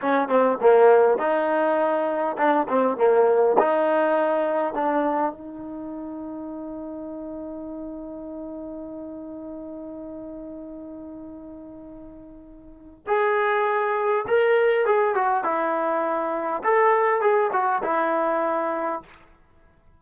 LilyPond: \new Staff \with { instrumentName = "trombone" } { \time 4/4 \tempo 4 = 101 cis'8 c'8 ais4 dis'2 | d'8 c'8 ais4 dis'2 | d'4 dis'2.~ | dis'1~ |
dis'1~ | dis'2 gis'2 | ais'4 gis'8 fis'8 e'2 | a'4 gis'8 fis'8 e'2 | }